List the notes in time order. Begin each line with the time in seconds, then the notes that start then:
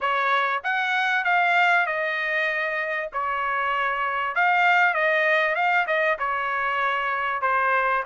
0.01 C#5
0.63 F#5
1.24 F5
1.86 D#5
3.12 C#5
4.35 F5
4.94 D#5
5.55 F5
5.87 D#5
6.19 C#5
7.41 C5